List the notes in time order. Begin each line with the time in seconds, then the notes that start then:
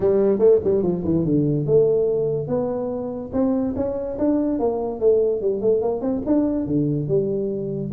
0.00 G3
0.38 A3
0.64 G3
0.82 F3
1.04 E3
1.24 D3
1.66 A3
2.47 B3
3.32 C4
3.76 C#4
4.18 D4
4.59 A#3
5.00 A3
5.41 G3
5.61 A3
5.81 A#3
6.01 C4
6.26 D4
6.66 D3
7.08 G3